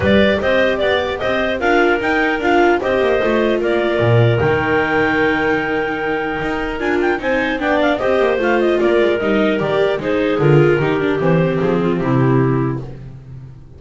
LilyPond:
<<
  \new Staff \with { instrumentName = "clarinet" } { \time 4/4 \tempo 4 = 150 d''4 dis''4 d''4 dis''4 | f''4 g''4 f''4 dis''4~ | dis''4 d''2 g''4~ | g''1~ |
g''4 gis''8 g''8 gis''4 g''8 f''8 | dis''4 f''8 dis''8 d''4 dis''4 | d''4 c''4 ais'2 | c''4 gis'4 g'2 | }
  \new Staff \with { instrumentName = "clarinet" } { \time 4/4 b'4 c''4 d''4 c''4 | ais'2. c''4~ | c''4 ais'2.~ | ais'1~ |
ais'2 c''4 d''4 | c''2 ais'2~ | ais'4 gis'2 g'4~ | g'4. f'8 e'2 | }
  \new Staff \with { instrumentName = "viola" } { \time 4/4 g'1 | f'4 dis'4 f'4 g'4 | f'2. dis'4~ | dis'1~ |
dis'4 f'4 dis'4 d'4 | g'4 f'2 dis'4 | g'4 dis'4 f'4 dis'8 d'8 | c'1 | }
  \new Staff \with { instrumentName = "double bass" } { \time 4/4 g4 c'4 b4 c'4 | d'4 dis'4 d'4 c'8 ais8 | a4 ais4 ais,4 dis4~ | dis1 |
dis'4 d'4 c'4 b4 | c'8 ais8 a4 ais8 gis8 g4 | dis4 gis4 d4 dis4 | e4 f4 c2 | }
>>